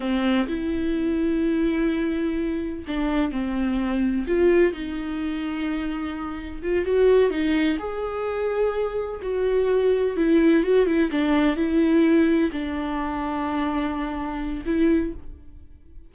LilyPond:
\new Staff \with { instrumentName = "viola" } { \time 4/4 \tempo 4 = 127 c'4 e'2.~ | e'2 d'4 c'4~ | c'4 f'4 dis'2~ | dis'2 f'8 fis'4 dis'8~ |
dis'8 gis'2. fis'8~ | fis'4. e'4 fis'8 e'8 d'8~ | d'8 e'2 d'4.~ | d'2. e'4 | }